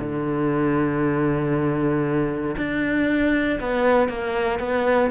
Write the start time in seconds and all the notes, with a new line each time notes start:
0.00 D3
2.58 D4
3.61 B3
4.09 A#3
4.60 B3